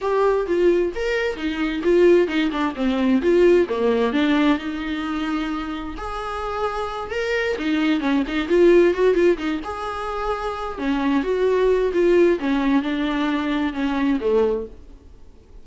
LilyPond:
\new Staff \with { instrumentName = "viola" } { \time 4/4 \tempo 4 = 131 g'4 f'4 ais'4 dis'4 | f'4 dis'8 d'8 c'4 f'4 | ais4 d'4 dis'2~ | dis'4 gis'2~ gis'8 ais'8~ |
ais'8 dis'4 cis'8 dis'8 f'4 fis'8 | f'8 dis'8 gis'2~ gis'8 cis'8~ | cis'8 fis'4. f'4 cis'4 | d'2 cis'4 a4 | }